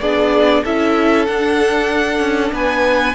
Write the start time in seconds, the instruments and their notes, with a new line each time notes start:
0.00 cello B3, viola D4, violin G#4 D5
0.63 cello C#4, viola E4, violin A4 E5
1.25 viola D4, cello D4, violin F#5
2.19 cello C#4
2.52 cello B3, violin B4 G#5